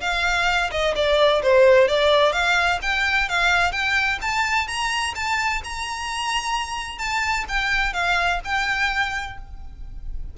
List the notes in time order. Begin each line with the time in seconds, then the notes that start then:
0.00 F5
0.71 D#5
0.95 D5
1.42 C5
1.87 D5
2.32 F5
2.82 G5
3.29 F5
3.72 G5
4.21 A5
4.67 A#5
5.15 A5
5.63 A#5
6.98 A5
7.48 G5
7.93 F5
8.44 G5